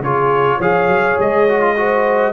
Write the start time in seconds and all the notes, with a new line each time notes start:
0.00 C#3 F4 G#4 C#5
0.57 F3 G#4 C#5 F5
0.88 F#3
1.19 G#3 D#5
1.48 F#4
1.61 F4
1.76 F#4 C5